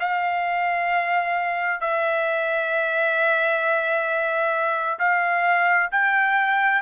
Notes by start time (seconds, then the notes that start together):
0.00 F5
1.81 E5
5.00 F5
5.92 G5